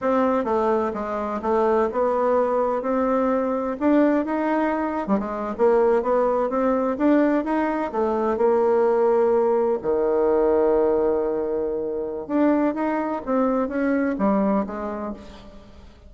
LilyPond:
\new Staff \with { instrumentName = "bassoon" } { \time 4/4 \tempo 4 = 127 c'4 a4 gis4 a4 | b2 c'2 | d'4 dis'4.~ dis'16 g16 gis8. ais16~ | ais8. b4 c'4 d'4 dis'16~ |
dis'8. a4 ais2~ ais16~ | ais8. dis2.~ dis16~ | dis2 d'4 dis'4 | c'4 cis'4 g4 gis4 | }